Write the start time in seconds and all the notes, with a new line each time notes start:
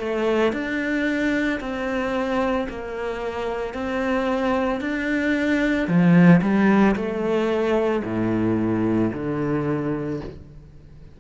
0.00 A3
0.53 D4
1.61 C4
2.69 A#3
3.74 C4
4.81 D4
5.88 F3
6.42 G3
6.96 A3
8.05 A2
9.14 D3